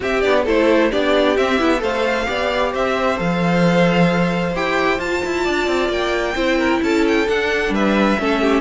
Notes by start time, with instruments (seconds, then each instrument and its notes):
0.00 viola C4, cello C4, violin G4 E5
0.21 cello B3, viola D4, violin D5
0.44 cello A3, viola E4, violin A4 C5
0.90 cello B3, viola D4, violin G4 D5
1.36 viola C4, cello C4, violin E5
1.58 cello B3, viola E4
1.78 cello A3, viola A4, violin C5 F5
2.26 cello B3, viola G4, violin D5
2.72 cello C4, violin C5 E5
3.17 cello F3, viola A4, violin F5
4.54 cello E4, viola G4, violin G5
4.97 viola F4, cello F4, violin A5
5.25 cello E4
5.43 cello D4, violin D5
5.67 cello C4
5.89 cello A#3, violin G5
6.34 cello C4, viola E4, violin C5
6.58 violin A#4
6.82 cello C#4, violin A4 A5
7.07 violin G5
7.26 viola D4, cello D4, violin F#5
7.69 cello G3, violin B4 E5
8.18 cello A3, viola C#4, violin A4
8.41 violin G4